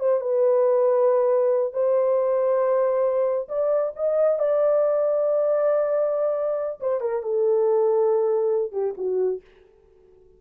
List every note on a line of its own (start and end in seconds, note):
0.00 0.21 C5
0.21 1.73 B4
1.73 3.48 C5
3.49 3.93 D5
3.96 4.39 D#5
4.39 6.80 D5
6.80 7.01 C5
7.01 7.23 A#4
7.23 8.72 A4
8.72 8.94 G4
8.97 9.41 F#4